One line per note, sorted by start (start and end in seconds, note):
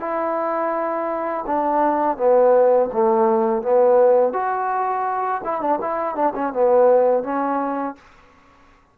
0.00 1.45 E4
1.47 2.17 D4
2.17 2.89 B3
2.93 3.62 A3
3.62 4.33 B3
4.33 5.42 F#4
5.44 5.61 E4
5.61 5.79 D4
5.81 6.16 E4
6.16 6.34 D4
6.35 6.53 C#4
6.53 7.24 B3
7.24 7.96 C#4